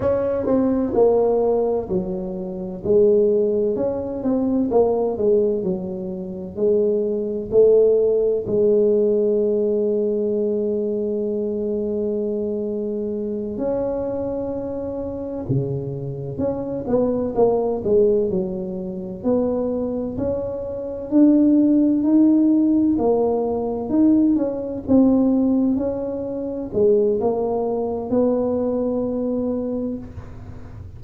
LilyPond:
\new Staff \with { instrumentName = "tuba" } { \time 4/4 \tempo 4 = 64 cis'8 c'8 ais4 fis4 gis4 | cis'8 c'8 ais8 gis8 fis4 gis4 | a4 gis2.~ | gis2~ gis8 cis'4.~ |
cis'8 cis4 cis'8 b8 ais8 gis8 fis8~ | fis8 b4 cis'4 d'4 dis'8~ | dis'8 ais4 dis'8 cis'8 c'4 cis'8~ | cis'8 gis8 ais4 b2 | }